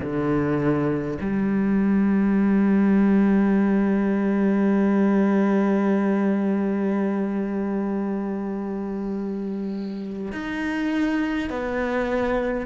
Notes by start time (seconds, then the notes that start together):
0.00 D3
1.20 G3
10.32 D#4
11.49 B3